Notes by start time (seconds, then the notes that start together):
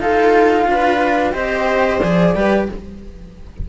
0.00 D#4 F4 A4 F5
0.68 D4 B4
1.33 C4 G4 C5 D#5
2.00 F3 G#4 D5
2.36 G3 G4 B4